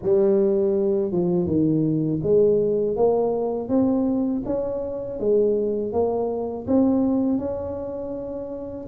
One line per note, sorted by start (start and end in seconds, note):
0.02 1.11 G3
1.11 1.46 F3
1.46 2.20 D#3
2.22 2.96 G#3
2.96 3.68 A#3
3.68 4.42 C4
4.45 5.19 C#4
5.19 5.92 G#3
5.92 6.66 A#3
6.67 7.38 C4
7.38 8.86 C#4